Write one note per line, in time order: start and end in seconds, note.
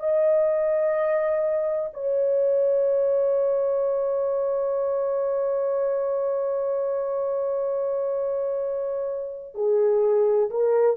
0.00 1.90 D#5
1.94 9.55 C#5
9.55 10.50 G#4
10.50 10.97 A#4